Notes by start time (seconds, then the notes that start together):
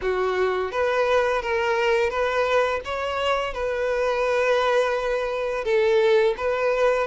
0.01 F#4
0.71 B4
1.41 A#4
2.10 B4
2.84 C#5
3.53 B4
5.64 A4
6.37 B4